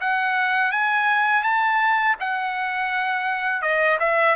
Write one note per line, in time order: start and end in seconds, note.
0.00 0.71 F#5
0.71 1.43 G#5
1.43 2.15 A5
2.19 3.61 F#5
3.61 3.98 D#5
3.99 4.35 E5